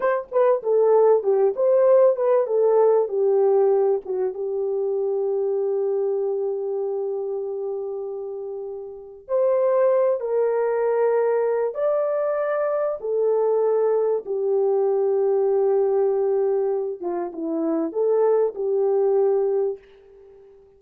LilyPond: \new Staff \with { instrumentName = "horn" } { \time 4/4 \tempo 4 = 97 c''8 b'8 a'4 g'8 c''4 b'8 | a'4 g'4. fis'8 g'4~ | g'1~ | g'2. c''4~ |
c''8 ais'2~ ais'8 d''4~ | d''4 a'2 g'4~ | g'2.~ g'8 f'8 | e'4 a'4 g'2 | }